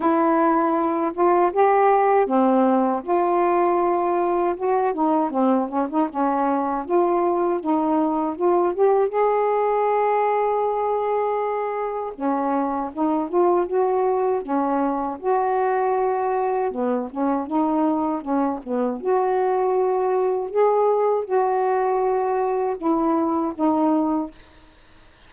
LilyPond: \new Staff \with { instrumentName = "saxophone" } { \time 4/4 \tempo 4 = 79 e'4. f'8 g'4 c'4 | f'2 fis'8 dis'8 c'8 cis'16 dis'16 | cis'4 f'4 dis'4 f'8 g'8 | gis'1 |
cis'4 dis'8 f'8 fis'4 cis'4 | fis'2 b8 cis'8 dis'4 | cis'8 b8 fis'2 gis'4 | fis'2 e'4 dis'4 | }